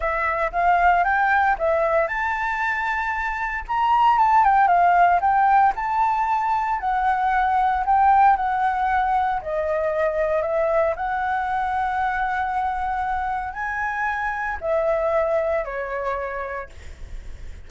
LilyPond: \new Staff \with { instrumentName = "flute" } { \time 4/4 \tempo 4 = 115 e''4 f''4 g''4 e''4 | a''2. ais''4 | a''8 g''8 f''4 g''4 a''4~ | a''4 fis''2 g''4 |
fis''2 dis''2 | e''4 fis''2.~ | fis''2 gis''2 | e''2 cis''2 | }